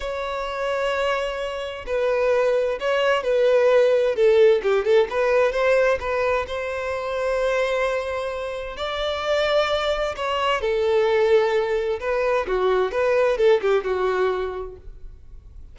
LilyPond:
\new Staff \with { instrumentName = "violin" } { \time 4/4 \tempo 4 = 130 cis''1 | b'2 cis''4 b'4~ | b'4 a'4 g'8 a'8 b'4 | c''4 b'4 c''2~ |
c''2. d''4~ | d''2 cis''4 a'4~ | a'2 b'4 fis'4 | b'4 a'8 g'8 fis'2 | }